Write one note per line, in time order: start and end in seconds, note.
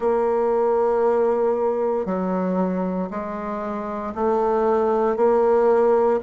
0.00 2.05 A#3
2.05 3.08 F#3
3.10 4.13 G#3
4.14 5.16 A3
5.16 6.20 A#3